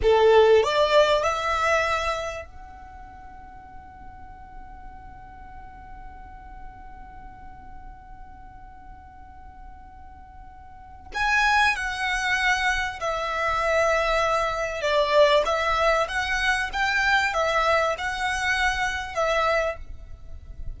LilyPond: \new Staff \with { instrumentName = "violin" } { \time 4/4 \tempo 4 = 97 a'4 d''4 e''2 | fis''1~ | fis''1~ | fis''1~ |
fis''2 gis''4 fis''4~ | fis''4 e''2. | d''4 e''4 fis''4 g''4 | e''4 fis''2 e''4 | }